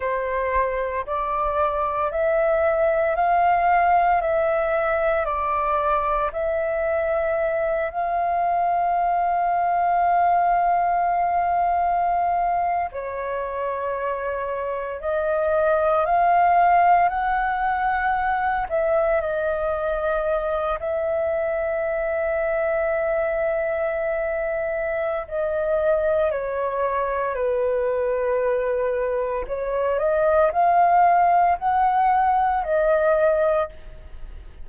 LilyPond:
\new Staff \with { instrumentName = "flute" } { \time 4/4 \tempo 4 = 57 c''4 d''4 e''4 f''4 | e''4 d''4 e''4. f''8~ | f''1~ | f''16 cis''2 dis''4 f''8.~ |
f''16 fis''4. e''8 dis''4. e''16~ | e''1 | dis''4 cis''4 b'2 | cis''8 dis''8 f''4 fis''4 dis''4 | }